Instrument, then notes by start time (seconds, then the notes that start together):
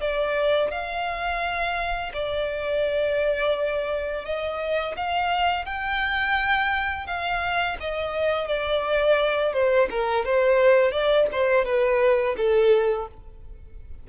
violin
0.00 D5
0.71 F5
2.13 D5
4.24 D#5
4.96 F5
5.65 G5
7.06 F5
7.80 D#5
8.47 D5
9.53 C5
9.90 A#4
10.25 C5
10.91 D5
11.31 C5
11.65 B4
12.37 A4